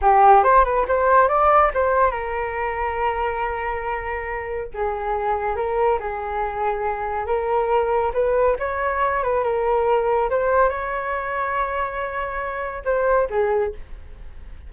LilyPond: \new Staff \with { instrumentName = "flute" } { \time 4/4 \tempo 4 = 140 g'4 c''8 b'8 c''4 d''4 | c''4 ais'2.~ | ais'2. gis'4~ | gis'4 ais'4 gis'2~ |
gis'4 ais'2 b'4 | cis''4. b'8 ais'2 | c''4 cis''2.~ | cis''2 c''4 gis'4 | }